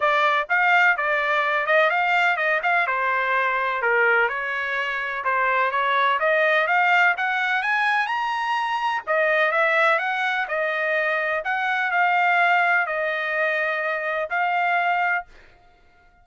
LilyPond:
\new Staff \with { instrumentName = "trumpet" } { \time 4/4 \tempo 4 = 126 d''4 f''4 d''4. dis''8 | f''4 dis''8 f''8 c''2 | ais'4 cis''2 c''4 | cis''4 dis''4 f''4 fis''4 |
gis''4 ais''2 dis''4 | e''4 fis''4 dis''2 | fis''4 f''2 dis''4~ | dis''2 f''2 | }